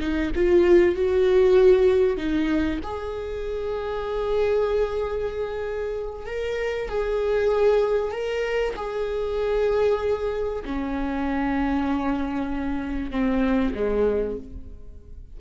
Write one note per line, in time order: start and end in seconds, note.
0.00 0.31 D#4
0.35 0.96 F4
0.96 2.17 F#4
2.17 2.80 D#4
2.83 6.26 G#4
6.26 6.89 A#4
6.89 8.12 G#4
8.12 8.74 A#4
8.76 10.64 G#4
10.65 13.11 C#4
13.11 13.74 C4
13.74 14.37 G#3